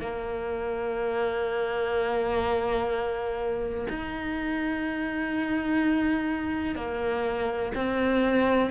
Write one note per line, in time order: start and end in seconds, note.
0.00 3.87 A#3
3.88 6.75 D#4
6.75 7.72 A#3
7.75 8.70 C4